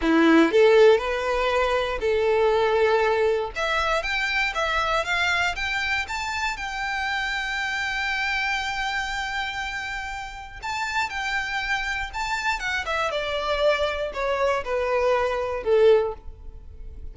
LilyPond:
\new Staff \with { instrumentName = "violin" } { \time 4/4 \tempo 4 = 119 e'4 a'4 b'2 | a'2. e''4 | g''4 e''4 f''4 g''4 | a''4 g''2.~ |
g''1~ | g''4 a''4 g''2 | a''4 fis''8 e''8 d''2 | cis''4 b'2 a'4 | }